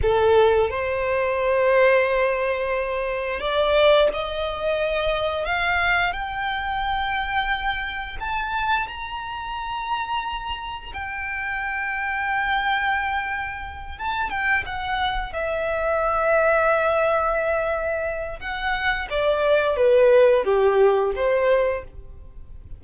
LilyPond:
\new Staff \with { instrumentName = "violin" } { \time 4/4 \tempo 4 = 88 a'4 c''2.~ | c''4 d''4 dis''2 | f''4 g''2. | a''4 ais''2. |
g''1~ | g''8 a''8 g''8 fis''4 e''4.~ | e''2. fis''4 | d''4 b'4 g'4 c''4 | }